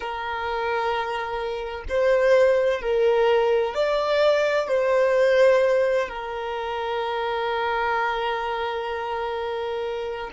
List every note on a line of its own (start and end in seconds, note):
0.00 1.84 A#4
1.88 2.81 C5
2.81 3.74 A#4
3.74 4.67 D5
4.67 6.08 C5
6.08 10.30 A#4